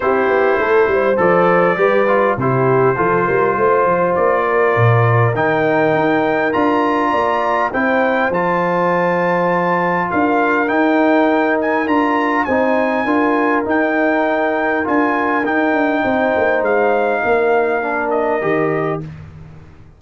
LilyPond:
<<
  \new Staff \with { instrumentName = "trumpet" } { \time 4/4 \tempo 4 = 101 c''2 d''2 | c''2. d''4~ | d''4 g''2 ais''4~ | ais''4 g''4 a''2~ |
a''4 f''4 g''4. gis''8 | ais''4 gis''2 g''4~ | g''4 gis''4 g''2 | f''2~ f''8 dis''4. | }
  \new Staff \with { instrumentName = "horn" } { \time 4/4 g'4 a'8 c''4. b'4 | g'4 a'8 ais'8 c''4. ais'8~ | ais'1 | d''4 c''2.~ |
c''4 ais'2.~ | ais'4 c''4 ais'2~ | ais'2. c''4~ | c''4 ais'2. | }
  \new Staff \with { instrumentName = "trombone" } { \time 4/4 e'2 a'4 g'8 f'8 | e'4 f'2.~ | f'4 dis'2 f'4~ | f'4 e'4 f'2~ |
f'2 dis'2 | f'4 dis'4 f'4 dis'4~ | dis'4 f'4 dis'2~ | dis'2 d'4 g'4 | }
  \new Staff \with { instrumentName = "tuba" } { \time 4/4 c'8 b8 a8 g8 f4 g4 | c4 f8 g8 a8 f8 ais4 | ais,4 dis4 dis'4 d'4 | ais4 c'4 f2~ |
f4 d'4 dis'2 | d'4 c'4 d'4 dis'4~ | dis'4 d'4 dis'8 d'8 c'8 ais8 | gis4 ais2 dis4 | }
>>